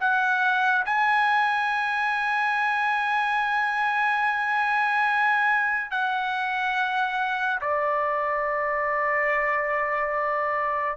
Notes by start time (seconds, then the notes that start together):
0.00 F#5
0.85 G#5
5.91 F#5
7.61 D5